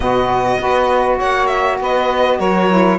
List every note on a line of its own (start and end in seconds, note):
0.00 0.57 B2
0.00 0.59 B3
0.00 0.60 F#4
0.00 1.19 D#5
0.59 1.19 B3
0.59 2.69 F#4
0.59 1.17 B4
1.17 1.79 A#3
1.17 1.77 C#5
1.17 1.46 F#5
1.46 1.76 E5
1.79 2.39 B3
1.79 2.38 B4
1.79 2.39 D#5
2.38 2.98 F#3
2.38 2.98 A#4
2.38 2.98 C#5
2.69 2.98 E4